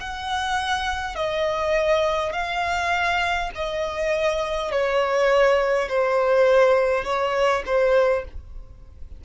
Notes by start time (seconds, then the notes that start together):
0.00 F#5
1.16 D#5
2.33 F5
3.55 D#5
4.71 C#5
5.88 C5
7.04 C#5
7.66 C5